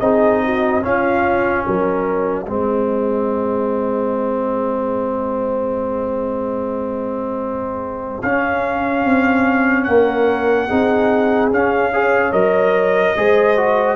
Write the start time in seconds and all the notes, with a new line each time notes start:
0.00 C4 D#4 G#4 D#5
0.43 F#4
0.82 C#4 F4 F5
1.65 F#3 A#4 D#5
2.46 G#3 C4 G#4
8.22 C#4 F5
9.05 C4
9.84 A#3 A#4 F#5
10.68 C4 D#4 G#4
11.51 C#4 F5
11.92 G#4 C#5
12.32 F#3 A#4 D#5
13.16 G#3 G#4 C5
13.57 F#4